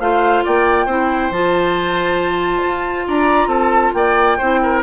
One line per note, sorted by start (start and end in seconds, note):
0.00 0.44 A3
0.00 0.89 F4
0.00 0.45 C5
0.00 0.44 F5
0.45 0.87 A#3
0.45 0.86 D5
0.45 1.32 G5
0.86 1.31 C4
0.86 1.32 E4
0.86 3.05 C5
1.31 2.62 F3
1.31 4.40 F4
1.31 3.08 A5
2.65 3.08 F4
3.08 3.47 D4
3.08 3.49 D5
3.08 3.49 A#5
3.47 3.91 C4
3.47 3.93 A4
3.47 3.93 A5
3.94 4.38 A#3
3.94 4.38 D5
3.94 4.82 G5
4.38 4.83 C4
4.38 4.83 E4
4.38 4.60 C5
4.63 4.83 A#4